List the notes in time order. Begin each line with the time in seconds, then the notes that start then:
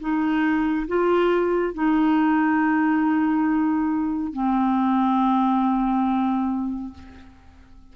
0.00 D#4
0.88 F4
1.74 D#4
4.33 C4